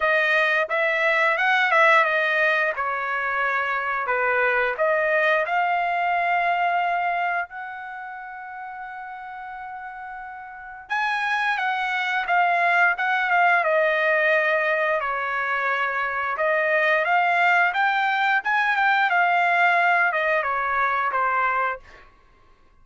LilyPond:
\new Staff \with { instrumentName = "trumpet" } { \time 4/4 \tempo 4 = 88 dis''4 e''4 fis''8 e''8 dis''4 | cis''2 b'4 dis''4 | f''2. fis''4~ | fis''1 |
gis''4 fis''4 f''4 fis''8 f''8 | dis''2 cis''2 | dis''4 f''4 g''4 gis''8 g''8 | f''4. dis''8 cis''4 c''4 | }